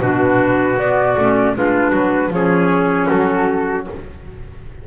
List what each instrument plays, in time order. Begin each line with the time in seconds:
0.00 double bass B2, clarinet D4, trumpet F#4, flute B4
0.77 double bass B3, clarinet B3, flute D5
1.17 double bass A3, clarinet C#4
1.55 double bass G#3, clarinet D4, trumpet F4, flute B4
1.91 double bass F#3, trumpet F#4
2.30 double bass F3, clarinet C#4, trumpet G#4, flute C#5
3.08 double bass F#3, trumpet F#4, flute A4